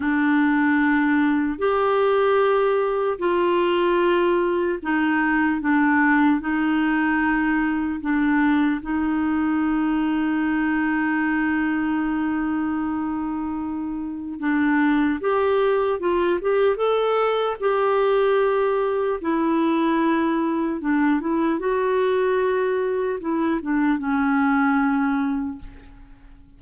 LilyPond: \new Staff \with { instrumentName = "clarinet" } { \time 4/4 \tempo 4 = 75 d'2 g'2 | f'2 dis'4 d'4 | dis'2 d'4 dis'4~ | dis'1~ |
dis'2 d'4 g'4 | f'8 g'8 a'4 g'2 | e'2 d'8 e'8 fis'4~ | fis'4 e'8 d'8 cis'2 | }